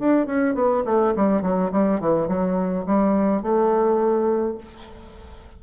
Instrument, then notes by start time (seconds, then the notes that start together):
bassoon
0.00 D4
0.27 C#4
0.55 B3
0.85 A3
1.16 G3
1.42 F#3
1.72 G3
2.01 E3
2.28 F#3
2.86 G3
3.42 A3